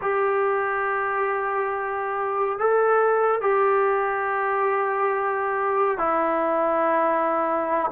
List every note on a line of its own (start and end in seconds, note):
0.01 2.58 G4
2.58 3.41 A4
3.41 5.98 G4
5.98 7.91 E4